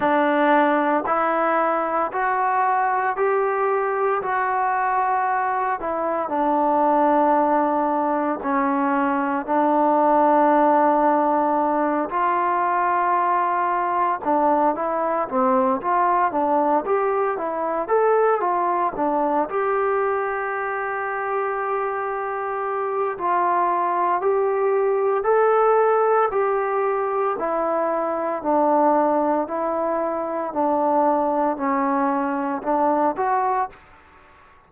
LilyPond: \new Staff \with { instrumentName = "trombone" } { \time 4/4 \tempo 4 = 57 d'4 e'4 fis'4 g'4 | fis'4. e'8 d'2 | cis'4 d'2~ d'8 f'8~ | f'4. d'8 e'8 c'8 f'8 d'8 |
g'8 e'8 a'8 f'8 d'8 g'4.~ | g'2 f'4 g'4 | a'4 g'4 e'4 d'4 | e'4 d'4 cis'4 d'8 fis'8 | }